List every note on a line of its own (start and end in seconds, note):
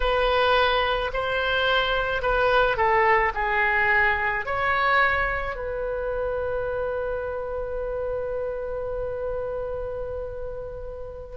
0.00 1.11 B4
1.13 2.22 C5
2.22 2.76 B4
2.76 3.32 A4
3.34 4.45 G#4
4.45 5.56 C#5
5.56 11.36 B4